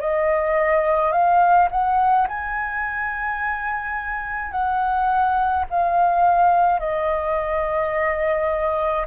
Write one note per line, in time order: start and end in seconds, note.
0.00 1.12 D#5
1.12 1.68 F5
1.71 2.27 F#5
2.28 4.51 G#5
4.51 5.64 F#5
5.70 6.79 F5
6.79 9.06 D#5